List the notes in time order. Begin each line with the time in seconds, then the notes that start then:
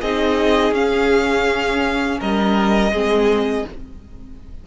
0.00 C4 D#4 G#4 D#5
0.71 C#4 F5
2.19 G3 A#4 D#5
2.91 G#3 C4 G#4